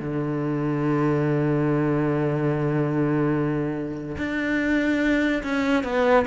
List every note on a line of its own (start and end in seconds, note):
0.00 4.17 D3
4.18 5.43 D4
5.43 5.84 C#4
5.84 6.25 B3